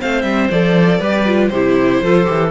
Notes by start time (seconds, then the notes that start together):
0.00 A3 C4 C5 F5
0.22 G3 E5
0.50 F3 A4 D5
0.99 G3 G4 B4
1.26 F4
1.48 C3 E4 G4 C5
2.02 F3 F4 A4
2.24 E3 G4